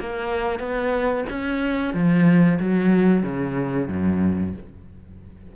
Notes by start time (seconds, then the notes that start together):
0.00 A#3
0.59 B3
1.30 C#4
1.94 F3
2.60 F#3
3.23 C#3
3.88 F#2